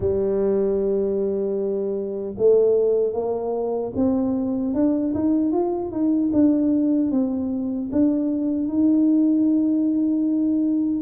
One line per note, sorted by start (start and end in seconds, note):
0.00 2.35 G3
2.37 3.13 A3
3.13 3.92 A#3
3.95 4.74 C4
4.74 5.13 D4
5.14 5.52 D#4
5.52 5.91 F4
5.91 6.31 D#4
6.32 7.11 D4
7.11 7.90 C4
7.92 8.68 D4
8.68 11.02 D#4